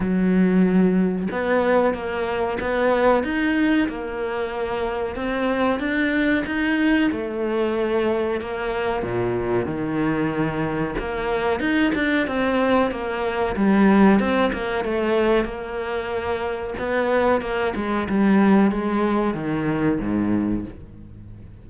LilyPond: \new Staff \with { instrumentName = "cello" } { \time 4/4 \tempo 4 = 93 fis2 b4 ais4 | b4 dis'4 ais2 | c'4 d'4 dis'4 a4~ | a4 ais4 ais,4 dis4~ |
dis4 ais4 dis'8 d'8 c'4 | ais4 g4 c'8 ais8 a4 | ais2 b4 ais8 gis8 | g4 gis4 dis4 gis,4 | }